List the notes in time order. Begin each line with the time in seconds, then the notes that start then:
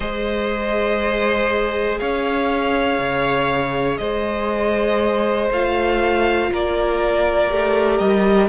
0.00 G#3 G#4 C5 D#5
1.99 C#4 C#5 F5
2.98 C#3
3.97 G#3 C5 D#5
5.50 A3 F4 F5
6.51 A#3 A#4 D5
7.49 A3 G4
7.97 G3 D#5